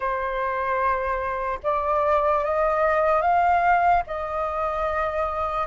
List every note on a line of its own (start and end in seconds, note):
0.00 1.59 C5
1.63 2.44 D5
2.44 3.21 D#5
3.21 4.02 F5
4.07 5.67 D#5